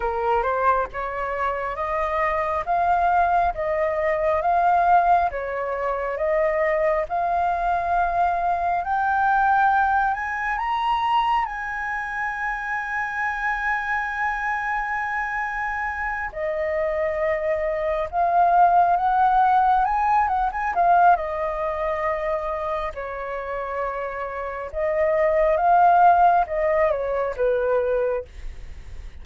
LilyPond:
\new Staff \with { instrumentName = "flute" } { \time 4/4 \tempo 4 = 68 ais'8 c''8 cis''4 dis''4 f''4 | dis''4 f''4 cis''4 dis''4 | f''2 g''4. gis''8 | ais''4 gis''2.~ |
gis''2~ gis''8 dis''4.~ | dis''8 f''4 fis''4 gis''8 fis''16 gis''16 f''8 | dis''2 cis''2 | dis''4 f''4 dis''8 cis''8 b'4 | }